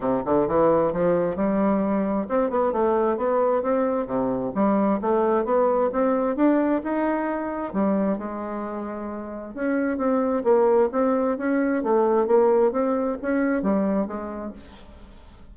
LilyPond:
\new Staff \with { instrumentName = "bassoon" } { \time 4/4 \tempo 4 = 132 c8 d8 e4 f4 g4~ | g4 c'8 b8 a4 b4 | c'4 c4 g4 a4 | b4 c'4 d'4 dis'4~ |
dis'4 g4 gis2~ | gis4 cis'4 c'4 ais4 | c'4 cis'4 a4 ais4 | c'4 cis'4 g4 gis4 | }